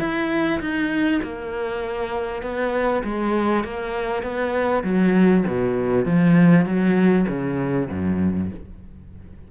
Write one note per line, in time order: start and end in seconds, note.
0.00 0.61 E4
0.61 1.21 D#4
1.23 2.43 A#3
2.43 3.03 B3
3.04 3.64 G#3
3.64 4.23 A#3
4.23 4.84 B3
4.84 5.45 F#3
5.47 6.06 B2
6.06 6.66 F3
6.66 7.26 F#3
7.28 7.89 C#3
7.91 8.51 F#2